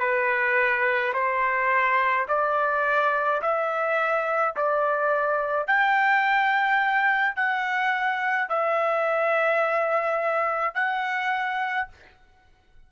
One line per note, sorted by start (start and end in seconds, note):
0.00 1.13 B4
1.14 2.27 C5
2.28 3.42 D5
3.42 4.55 E5
4.56 5.67 D5
5.67 7.36 G5
7.36 8.49 F#5
8.49 10.75 E5
10.75 11.88 F#5